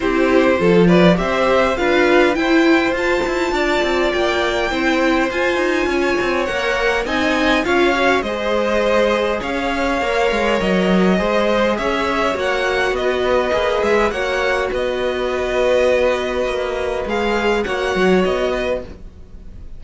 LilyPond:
<<
  \new Staff \with { instrumentName = "violin" } { \time 4/4 \tempo 4 = 102 c''4. d''8 e''4 f''4 | g''4 a''2 g''4~ | g''4 gis''2 fis''4 | gis''4 f''4 dis''2 |
f''2 dis''2 | e''4 fis''4 dis''4. e''8 | fis''4 dis''2.~ | dis''4 f''4 fis''4 dis''4 | }
  \new Staff \with { instrumentName = "violin" } { \time 4/4 g'4 a'8 b'8 c''4 b'4 | c''2 d''2 | c''2 cis''2 | dis''4 cis''4 c''2 |
cis''2. c''4 | cis''2 b'2 | cis''4 b'2.~ | b'2 cis''4. b'8 | }
  \new Staff \with { instrumentName = "viola" } { \time 4/4 e'4 f'4 g'4 f'4 | e'4 f'2. | e'4 f'2 ais'4 | dis'4 f'8 fis'8 gis'2~ |
gis'4 ais'2 gis'4~ | gis'4 fis'2 gis'4 | fis'1~ | fis'4 gis'4 fis'2 | }
  \new Staff \with { instrumentName = "cello" } { \time 4/4 c'4 f4 c'4 d'4 | e'4 f'8 e'8 d'8 c'8 ais4 | c'4 f'8 dis'8 cis'8 c'8 ais4 | c'4 cis'4 gis2 |
cis'4 ais8 gis8 fis4 gis4 | cis'4 ais4 b4 ais8 gis8 | ais4 b2. | ais4 gis4 ais8 fis8 b4 | }
>>